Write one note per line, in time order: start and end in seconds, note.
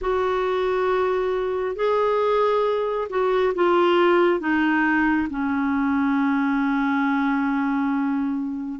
0.01 1.75 F#4
1.75 3.08 G#4
3.09 3.53 F#4
3.55 4.40 F4
4.40 5.28 D#4
5.29 8.80 C#4